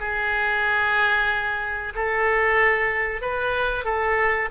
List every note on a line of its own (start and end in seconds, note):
0.00 1.94 G#4
1.95 3.22 A4
3.22 3.85 B4
3.85 4.49 A4